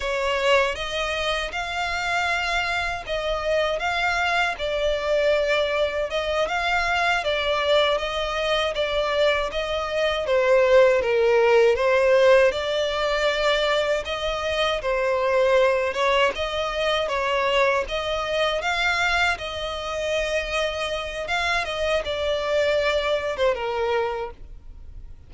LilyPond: \new Staff \with { instrumentName = "violin" } { \time 4/4 \tempo 4 = 79 cis''4 dis''4 f''2 | dis''4 f''4 d''2 | dis''8 f''4 d''4 dis''4 d''8~ | d''8 dis''4 c''4 ais'4 c''8~ |
c''8 d''2 dis''4 c''8~ | c''4 cis''8 dis''4 cis''4 dis''8~ | dis''8 f''4 dis''2~ dis''8 | f''8 dis''8 d''4.~ d''16 c''16 ais'4 | }